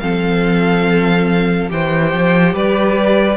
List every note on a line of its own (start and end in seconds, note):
0.00 1.71 F3
0.00 1.69 C4
0.00 1.72 A4
0.00 1.69 F5
1.69 2.13 E3
1.69 3.37 G4
1.69 2.54 C5
1.69 2.56 G5
2.13 2.54 F3
2.54 3.37 G3
2.54 3.37 B4
2.54 3.37 D5